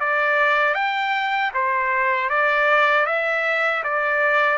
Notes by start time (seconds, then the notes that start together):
0.00 D5
0.75 G5
1.54 C5
2.30 D5
3.06 E5
3.84 D5